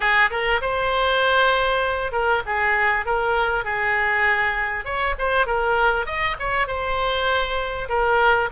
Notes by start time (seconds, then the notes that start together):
0.00 G#4
0.30 A#4
0.61 C5
2.12 A#4
2.45 G#4
3.05 A#4
3.64 G#4
4.84 C#5
5.18 C5
5.46 A#4
6.06 D#5
6.39 C#5
6.67 C5
7.88 A#4